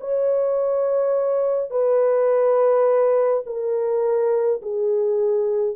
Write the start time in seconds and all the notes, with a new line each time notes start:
0.00 C#5
1.70 B4
3.46 A#4
4.62 G#4